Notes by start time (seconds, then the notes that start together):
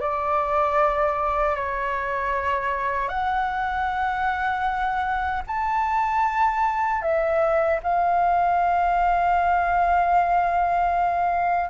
0.00 D5
1.55 C#5
3.08 F#5
5.47 A5
7.01 E5
7.83 F5